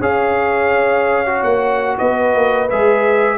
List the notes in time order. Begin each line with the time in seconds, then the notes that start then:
0.00 C#4 G#4 C#5 F5
1.25 F#4
1.43 A#3 F#5
1.98 B3 B4 D#5
2.35 A#3
2.69 G#3 G#4 E5